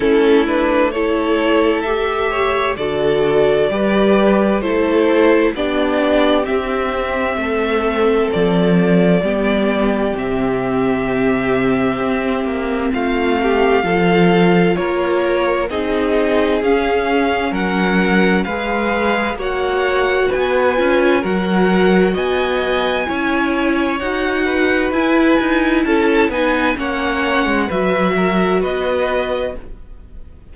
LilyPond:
<<
  \new Staff \with { instrumentName = "violin" } { \time 4/4 \tempo 4 = 65 a'8 b'8 cis''4 e''4 d''4~ | d''4 c''4 d''4 e''4~ | e''4 d''2 e''4~ | e''2 f''2 |
cis''4 dis''4 f''4 fis''4 | f''4 fis''4 gis''4 fis''4 | gis''2 fis''4 gis''4 | a''8 gis''8 fis''4 e''4 dis''4 | }
  \new Staff \with { instrumentName = "violin" } { \time 4/4 e'4 a'4. cis''8 a'4 | b'4 a'4 g'2 | a'2 g'2~ | g'2 f'8 g'8 a'4 |
ais'4 gis'2 ais'4 | b'4 cis''4 b'4 ais'4 | dis''4 cis''4. b'4. | a'8 b'8 cis''4 b'8 ais'8 b'4 | }
  \new Staff \with { instrumentName = "viola" } { \time 4/4 cis'8 d'8 e'4 g'4 fis'4 | g'4 e'4 d'4 c'4~ | c'2 b4 c'4~ | c'2. f'4~ |
f'4 dis'4 cis'2 | gis'4 fis'4. f'8 fis'4~ | fis'4 e'4 fis'4 e'4~ | e'8 dis'8 cis'4 fis'2 | }
  \new Staff \with { instrumentName = "cello" } { \time 4/4 a2. d4 | g4 a4 b4 c'4 | a4 f4 g4 c4~ | c4 c'8 ais8 a4 f4 |
ais4 c'4 cis'4 fis4 | gis4 ais4 b8 cis'8 fis4 | b4 cis'4 dis'4 e'8 dis'8 | cis'8 b8 ais8. gis16 fis4 b4 | }
>>